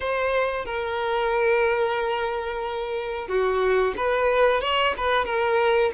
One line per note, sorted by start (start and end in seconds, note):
0.00 0.65 C5
0.65 3.28 A#4
3.28 3.94 F#4
3.96 4.60 B4
4.60 4.93 C#5
4.97 5.25 B4
5.25 5.91 A#4